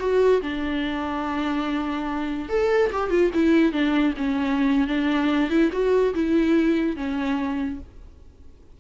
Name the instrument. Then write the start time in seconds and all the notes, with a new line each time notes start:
viola
0.00 F#4
0.42 D4
2.49 A4
2.93 G4
3.10 F4
3.34 E4
3.73 D4
4.17 C#4
4.88 D4
5.50 E4
5.73 F#4
6.15 E4
6.97 C#4